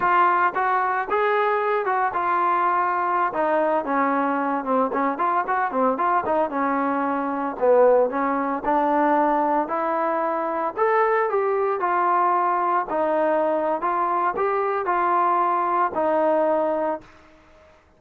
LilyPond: \new Staff \with { instrumentName = "trombone" } { \time 4/4 \tempo 4 = 113 f'4 fis'4 gis'4. fis'8 | f'2~ f'16 dis'4 cis'8.~ | cis'8. c'8 cis'8 f'8 fis'8 c'8 f'8 dis'16~ | dis'16 cis'2 b4 cis'8.~ |
cis'16 d'2 e'4.~ e'16~ | e'16 a'4 g'4 f'4.~ f'16~ | f'16 dis'4.~ dis'16 f'4 g'4 | f'2 dis'2 | }